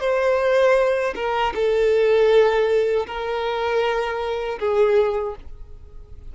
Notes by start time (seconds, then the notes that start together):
0.00 C5
1.15 A#4
1.55 A4
3.07 A#4
4.59 G#4